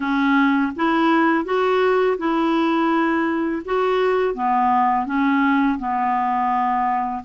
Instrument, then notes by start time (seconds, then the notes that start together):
clarinet
0.00 C#4
0.76 E4
1.45 F#4
2.18 E4
3.65 F#4
4.34 B3
5.06 C#4
5.78 B3